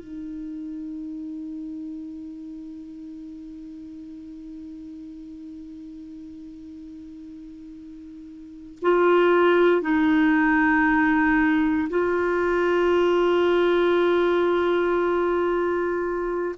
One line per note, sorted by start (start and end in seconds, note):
0.00 8.79 D#4
8.83 9.82 F4
9.82 11.89 D#4
11.90 16.56 F4